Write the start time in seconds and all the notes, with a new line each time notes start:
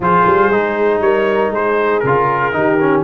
0.00 F3 F4 G#4 C5
0.26 G3
0.50 G#3 D#4
1.00 G3 A#4 C#5
1.50 G#3 G#4 C5
1.99 C#3 A#4
2.06 F4
2.52 D#3 D#4 G4
2.80 C#4